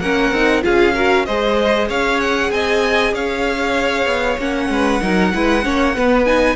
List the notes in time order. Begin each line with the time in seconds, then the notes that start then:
0.00 A#3 C#4 A#4 F#5
0.31 C4 D#4
0.62 C#4 F4 G#4 F5
0.94 F#4 A#4
1.26 G#3 G#4 C5 D#5
1.87 C#4 C#5 F5
2.20 F#5
2.51 C4 D#5 G#5
3.13 C#4 C#5 F5
4.06 B3
4.38 A#3 C#4 F#5
4.69 G#3 B4
5.01 F#3 D#4 A#4
5.34 G#3 E4 B4
5.64 A#3 C#4 C#5
5.95 B3 B4
6.25 D#4 G#5